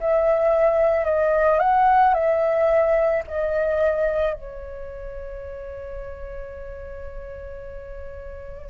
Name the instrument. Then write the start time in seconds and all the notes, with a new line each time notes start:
flute
0.00 E5
1.05 D#5
1.60 F#5
2.14 E5
3.28 D#5
4.34 C#5